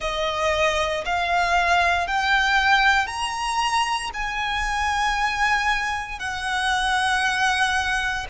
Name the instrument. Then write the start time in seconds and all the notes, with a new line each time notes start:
violin
0.00 D#5
1.05 F5
2.07 G5
3.07 A#5
4.13 G#5
6.19 F#5